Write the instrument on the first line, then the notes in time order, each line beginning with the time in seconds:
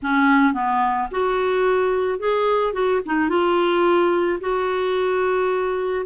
clarinet
0.02 C#4
0.53 B3
1.11 F#4
2.19 G#4
2.73 F#4
3.06 D#4
3.29 F4
4.40 F#4